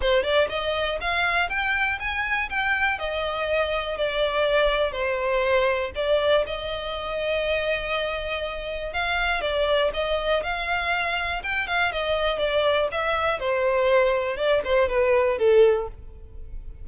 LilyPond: \new Staff \with { instrumentName = "violin" } { \time 4/4 \tempo 4 = 121 c''8 d''8 dis''4 f''4 g''4 | gis''4 g''4 dis''2 | d''2 c''2 | d''4 dis''2.~ |
dis''2 f''4 d''4 | dis''4 f''2 g''8 f''8 | dis''4 d''4 e''4 c''4~ | c''4 d''8 c''8 b'4 a'4 | }